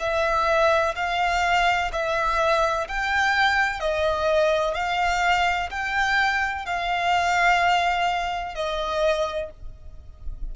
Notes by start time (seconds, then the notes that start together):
0.00 E5
0.96 F5
1.93 E5
2.88 G5
3.81 D#5
4.75 F5
5.71 G5
6.66 F5
8.55 D#5